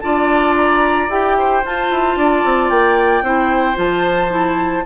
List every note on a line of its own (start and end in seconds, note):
0.00 1.09 D4
0.00 1.09 F4
0.00 1.37 D5
0.00 0.54 A5
0.56 1.10 A#5
1.09 1.62 E4
1.09 1.63 G4
1.09 1.64 G5
1.38 2.18 C5
1.64 1.90 F4
1.64 3.24 F4
1.64 2.69 A5
1.90 2.15 E4
2.15 2.42 D4
2.15 3.24 D5
2.44 2.70 C4
2.69 3.22 A#3
2.69 3.76 G5
3.22 3.76 C4
3.22 3.74 E4
3.22 4.84 C5
3.74 4.84 F3
3.74 4.28 F4
3.74 4.86 A5
4.29 4.83 E4